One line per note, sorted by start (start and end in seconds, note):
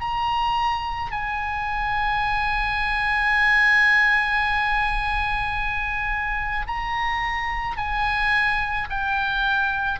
0.00 1.11 A#5
1.11 6.66 G#5
6.67 7.77 A#5
7.77 8.88 G#5
8.89 9.99 G5